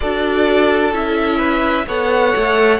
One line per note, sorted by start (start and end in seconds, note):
0.00 0.92 D4
0.00 0.93 F#4
0.00 1.38 A4
0.00 0.93 D5
0.92 1.86 C#4
0.92 1.87 E4
0.92 1.88 E5
1.38 1.85 B4
1.87 2.33 B3
1.87 2.79 A4
1.87 2.79 C#5
1.87 2.79 F#5
2.36 2.79 A3